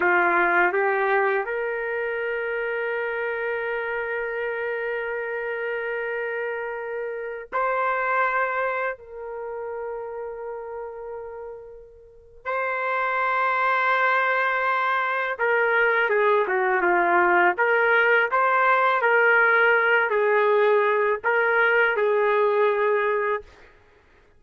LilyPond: \new Staff \with { instrumentName = "trumpet" } { \time 4/4 \tempo 4 = 82 f'4 g'4 ais'2~ | ais'1~ | ais'2~ ais'16 c''4.~ c''16~ | c''16 ais'2.~ ais'8.~ |
ais'4 c''2.~ | c''4 ais'4 gis'8 fis'8 f'4 | ais'4 c''4 ais'4. gis'8~ | gis'4 ais'4 gis'2 | }